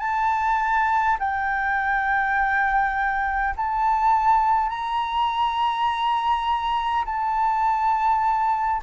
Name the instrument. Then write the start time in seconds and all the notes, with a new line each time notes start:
flute
0.00 A5
1.19 G5
3.57 A5
4.70 A#5
7.05 A5